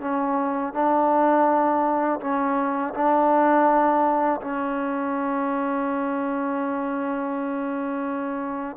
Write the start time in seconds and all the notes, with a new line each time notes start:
0.00 C#4
0.74 D4
2.20 C#4
2.94 D4
4.41 C#4